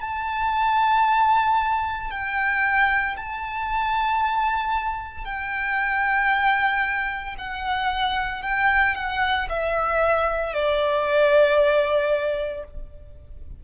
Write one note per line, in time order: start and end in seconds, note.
0.00 2.11 A5
2.11 3.16 G5
3.16 5.24 A5
5.24 7.35 G5
7.38 8.42 F#5
8.42 8.95 G5
8.95 9.48 F#5
9.49 10.54 E5
10.54 12.64 D5